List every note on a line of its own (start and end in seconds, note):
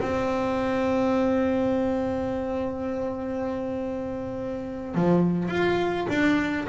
0.00 4.95 C4
4.95 5.48 F3
5.48 6.07 F4
6.09 6.67 D4